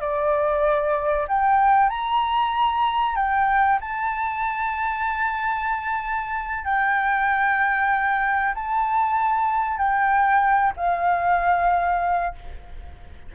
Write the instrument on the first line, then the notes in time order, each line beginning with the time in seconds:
flute
0.00 D5
1.27 G5
1.89 A#5
3.16 G5
3.80 A5
6.64 G5
8.54 A5
9.78 G5
10.76 F5